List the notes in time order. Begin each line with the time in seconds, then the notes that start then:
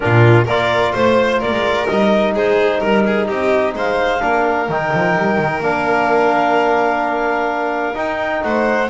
0.00 A#2 D4 F4 A#4
0.45 A#3 F4 A#4 D5
0.93 A3 C5
1.38 A#3 A#4 D5
1.51 G#3
1.86 G3 D#4 D#5
2.34 G#3 G#4 C5
2.80 G3 A#4
3.06 G#4
3.26 C4 G4 D#5
3.74 G#3 C5 F5
4.20 A#3 D4 A#4
4.68 D#3 D#4 G5
4.93 F3
5.18 G3
5.37 D#3
5.60 A#3 D4 F5
7.93 D#4 G5
8.42 A3 C5 F#5